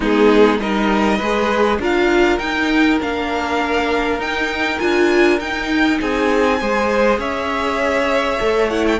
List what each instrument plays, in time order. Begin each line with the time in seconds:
0.00 cello G#3, viola B3, violin D#4 G#4
0.59 cello G3, viola D#4, violin A#4 D#5
1.18 cello G#3, viola G#4, violin B4
1.78 cello D4, viola F4, violin A#4 F5
2.38 viola D#4, cello D#4, violin G5
2.99 cello A#3, viola D4, violin F5
4.18 cello D#4, viola D#4, violin G5
4.79 cello D4, viola F4, violin G#5
5.39 cello D#4, viola D#4, violin G5
6.00 cello C4, violin G#4 G#5
6.60 cello G#3, viola G#4, violin C5
7.17 cello C#4, violin C#5 E5
8.40 cello A3, viola A4
8.69 viola E4, violin F#5
8.87 violin G5